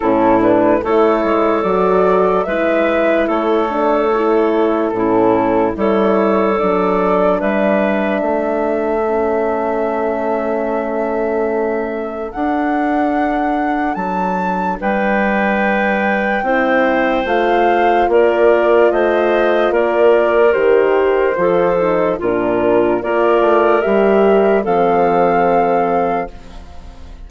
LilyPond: <<
  \new Staff \with { instrumentName = "flute" } { \time 4/4 \tempo 4 = 73 a'8 b'8 cis''4 d''4 e''4 | cis''2 a'4 cis''4 | d''4 e''2.~ | e''2. fis''4~ |
fis''4 a''4 g''2~ | g''4 f''4 d''4 dis''4 | d''4 c''2 ais'4 | d''4 e''4 f''2 | }
  \new Staff \with { instrumentName = "clarinet" } { \time 4/4 e'4 a'2 b'4 | a'2 e'4 a'4~ | a'4 b'4 a'2~ | a'1~ |
a'2 b'2 | c''2 ais'4 c''4 | ais'2 a'4 f'4 | ais'2 a'2 | }
  \new Staff \with { instrumentName = "horn" } { \time 4/4 cis'8 d'8 e'4 fis'4 e'4~ | e'8 d'8 e'4 cis'4 e'4 | d'2. cis'4~ | cis'2. d'4~ |
d'1 | e'4 f'2.~ | f'4 g'4 f'8 dis'8 d'4 | f'4 g'4 c'2 | }
  \new Staff \with { instrumentName = "bassoon" } { \time 4/4 a,4 a8 gis8 fis4 gis4 | a2 a,4 g4 | fis4 g4 a2~ | a2. d'4~ |
d'4 fis4 g2 | c'4 a4 ais4 a4 | ais4 dis4 f4 ais,4 | ais8 a8 g4 f2 | }
>>